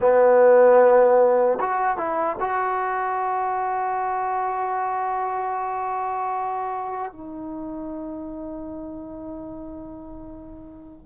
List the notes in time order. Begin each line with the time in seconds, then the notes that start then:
0.00 B3
1.60 F#4
1.97 E4
2.40 F#4
7.12 D#4